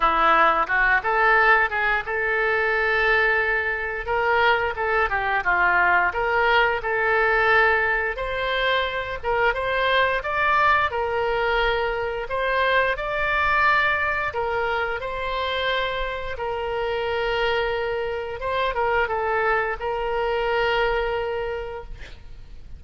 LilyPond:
\new Staff \with { instrumentName = "oboe" } { \time 4/4 \tempo 4 = 88 e'4 fis'8 a'4 gis'8 a'4~ | a'2 ais'4 a'8 g'8 | f'4 ais'4 a'2 | c''4. ais'8 c''4 d''4 |
ais'2 c''4 d''4~ | d''4 ais'4 c''2 | ais'2. c''8 ais'8 | a'4 ais'2. | }